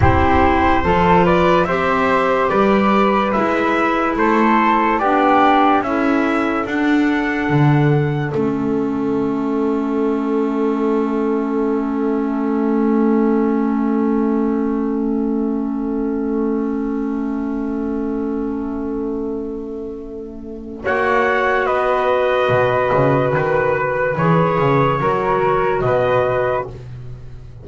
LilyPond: <<
  \new Staff \with { instrumentName = "trumpet" } { \time 4/4 \tempo 4 = 72 c''4. d''8 e''4 d''4 | e''4 c''4 d''4 e''4 | fis''2 e''2~ | e''1~ |
e''1~ | e''1~ | e''4 fis''4 dis''2 | b'4 cis''2 dis''4 | }
  \new Staff \with { instrumentName = "flute" } { \time 4/4 g'4 a'8 b'8 c''4 b'4~ | b'4 a'4 g'4 a'4~ | a'1~ | a'1~ |
a'1~ | a'1~ | a'4 cis''4 b'2~ | b'2 ais'4 b'4 | }
  \new Staff \with { instrumentName = "clarinet" } { \time 4/4 e'4 f'4 g'2 | e'2 d'4 e'4 | d'2 cis'2~ | cis'1~ |
cis'1~ | cis'1~ | cis'4 fis'2.~ | fis'4 gis'4 fis'2 | }
  \new Staff \with { instrumentName = "double bass" } { \time 4/4 c'4 f4 c'4 g4 | gis4 a4 b4 cis'4 | d'4 d4 a2~ | a1~ |
a1~ | a1~ | a4 ais4 b4 b,8 cis8 | dis4 e8 cis8 fis4 b,4 | }
>>